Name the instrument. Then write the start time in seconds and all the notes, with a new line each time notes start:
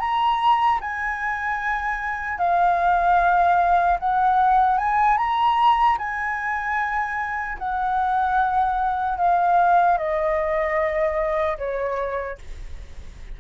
flute
0.00 A#5
0.81 G#5
2.39 F5
4.00 F#5
4.79 G#5
5.18 A#5
5.99 G#5
7.59 F#5
9.18 F5
9.98 D#5
11.59 C#5